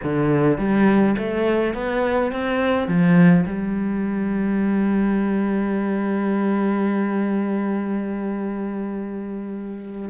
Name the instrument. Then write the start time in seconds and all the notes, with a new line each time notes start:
cello
0.03 D3
0.58 G3
1.18 A3
1.74 B3
2.32 C4
2.87 F3
3.46 G3